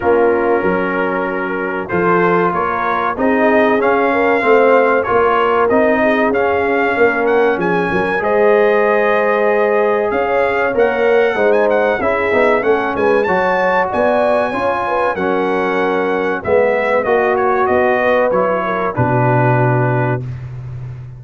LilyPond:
<<
  \new Staff \with { instrumentName = "trumpet" } { \time 4/4 \tempo 4 = 95 ais'2. c''4 | cis''4 dis''4 f''2 | cis''4 dis''4 f''4. fis''8 | gis''4 dis''2. |
f''4 fis''4~ fis''16 gis''16 fis''8 e''4 | fis''8 gis''8 a''4 gis''2 | fis''2 e''4 dis''8 cis''8 | dis''4 cis''4 b'2 | }
  \new Staff \with { instrumentName = "horn" } { \time 4/4 f'4 ais'2 a'4 | ais'4 gis'4. ais'8 c''4 | ais'4. gis'4. ais'4 | gis'8 ais'8 c''2. |
cis''2 c''4 gis'4 | a'8 b'8 cis''4 d''4 cis''8 b'8 | ais'2 b'4 fis'4~ | fis'8 b'4 ais'8 fis'2 | }
  \new Staff \with { instrumentName = "trombone" } { \time 4/4 cis'2. f'4~ | f'4 dis'4 cis'4 c'4 | f'4 dis'4 cis'2~ | cis'4 gis'2.~ |
gis'4 ais'4 dis'4 e'8 dis'8 | cis'4 fis'2 f'4 | cis'2 b4 fis'4~ | fis'4 e'4 d'2 | }
  \new Staff \with { instrumentName = "tuba" } { \time 4/4 ais4 fis2 f4 | ais4 c'4 cis'4 a4 | ais4 c'4 cis'4 ais4 | f8 fis8 gis2. |
cis'4 ais4 gis4 cis'8 b8 | a8 gis8 fis4 b4 cis'4 | fis2 gis4 ais4 | b4 fis4 b,2 | }
>>